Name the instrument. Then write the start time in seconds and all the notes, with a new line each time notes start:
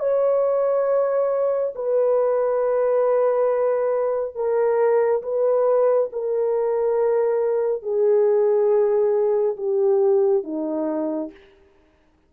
horn
0.00 C#5
1.75 B4
4.36 A#4
5.23 B4
6.13 A#4
7.83 G#4
9.57 G4
10.44 D#4